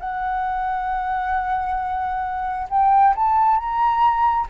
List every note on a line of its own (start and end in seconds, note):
0.00 2.69 F#5
2.70 3.15 G5
3.16 3.57 A5
3.57 4.47 A#5